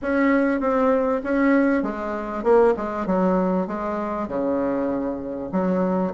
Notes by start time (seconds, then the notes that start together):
0.02 C#4
0.60 C4
1.23 C#4
1.82 G#3
2.43 A#3
2.76 G#3
3.06 F#3
3.67 G#3
4.27 C#3
5.51 F#3